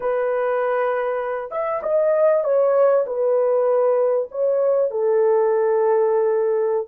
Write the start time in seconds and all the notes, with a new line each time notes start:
0.00 B4
1.51 E5
1.83 D#5
2.44 C#5
3.06 B4
4.31 C#5
4.90 A4